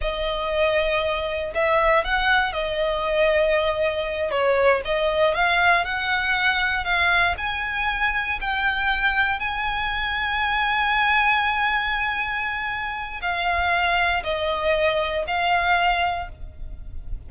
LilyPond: \new Staff \with { instrumentName = "violin" } { \time 4/4 \tempo 4 = 118 dis''2. e''4 | fis''4 dis''2.~ | dis''8 cis''4 dis''4 f''4 fis''8~ | fis''4. f''4 gis''4.~ |
gis''8 g''2 gis''4.~ | gis''1~ | gis''2 f''2 | dis''2 f''2 | }